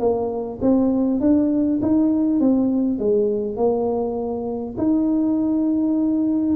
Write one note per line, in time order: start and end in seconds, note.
0.00 0.59 A#3
0.62 1.21 C4
1.21 1.80 D4
1.82 2.40 D#4
2.40 2.99 C4
2.99 3.57 G#3
3.57 4.76 A#3
4.78 6.56 D#4